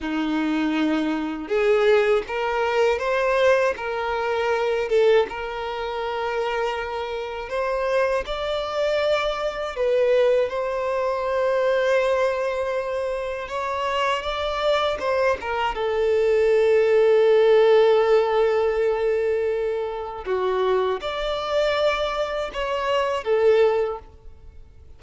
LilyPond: \new Staff \with { instrumentName = "violin" } { \time 4/4 \tempo 4 = 80 dis'2 gis'4 ais'4 | c''4 ais'4. a'8 ais'4~ | ais'2 c''4 d''4~ | d''4 b'4 c''2~ |
c''2 cis''4 d''4 | c''8 ais'8 a'2.~ | a'2. fis'4 | d''2 cis''4 a'4 | }